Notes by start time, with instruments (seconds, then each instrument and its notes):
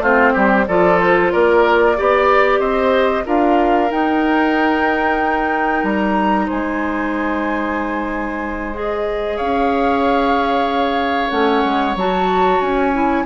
0.00 bassoon A3, clarinet C4, oboe F4, flute C5
0.33 bassoon G3, oboe G4
0.68 bassoon F3, clarinet F4, oboe A4, flute D5
1.00 flute C5
1.32 bassoon A#3, oboe A#4, flute D5
1.96 bassoon B3, clarinet G4, oboe D5
2.60 bassoon C4, oboe C5, flute D#5
3.25 bassoon D4, clarinet F4, oboe A#4, flute F5
3.89 clarinet D#4, bassoon D#4, flute G5
5.83 bassoon G3, flute A#5
6.46 bassoon G#3, oboe C5, flute G#5
8.74 clarinet G#4, flute D#5
9.37 bassoon C#4, oboe C#5, flute F5
11.30 bassoon A3, clarinet C#4, flute F#5
11.65 bassoon G#3
11.96 bassoon F#3, clarinet F#4, flute A5
12.61 bassoon C#4, flute G#5
12.93 clarinet E4